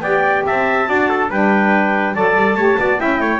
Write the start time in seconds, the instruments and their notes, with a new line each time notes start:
0.00 double bass B3, saxophone G4, trumpet D5, clarinet G5
0.46 double bass C4, trumpet E5, clarinet A5
0.86 double bass D4, saxophone F#4, trumpet D5
1.09 trumpet A4
1.30 double bass G3, saxophone D4, trumpet B4, clarinet G5
2.14 double bass F#3, saxophone A4, trumpet D5, clarinet A5
2.36 double bass G3
2.54 double bass A3, saxophone G4, trumpet C#5
2.78 double bass B3, saxophone F#4, trumpet D5
2.97 double bass C#4, saxophone E4, trumpet E5, clarinet G5
3.20 double bass A3, trumpet C#5